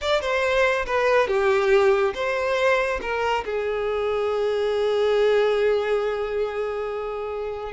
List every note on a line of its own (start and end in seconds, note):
0.01 0.21 D5
0.21 0.85 C5
0.86 1.27 B4
1.27 2.13 G4
2.14 3.00 C5
3.01 3.44 A#4
3.45 7.72 G#4